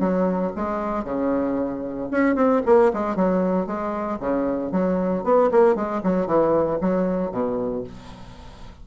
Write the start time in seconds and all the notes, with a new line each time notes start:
0.00 F#3
0.56 G#3
1.04 C#3
2.11 C#4
2.36 C4
2.66 A#3
2.94 G#3
3.16 F#3
3.67 G#3
4.20 C#3
4.72 F#3
5.24 B3
5.52 A#3
5.76 G#3
6.04 F#3
6.27 E3
6.81 F#3
7.32 B2